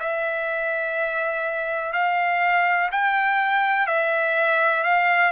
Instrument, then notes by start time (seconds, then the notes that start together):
trumpet
0.00 E5
1.93 F5
2.92 G5
3.87 E5
4.84 F5